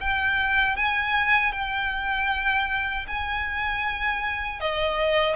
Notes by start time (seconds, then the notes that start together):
0.00 G5
0.76 G#5
1.52 G5
3.07 G#5
4.60 D#5